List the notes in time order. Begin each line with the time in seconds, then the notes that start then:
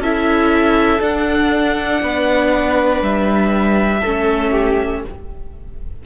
0.00 C#4 E4 A4 E5
1.00 D4 F#5
2.02 B3 B4
3.02 G3 E5
4.00 A3 C#4 A4
4.52 G4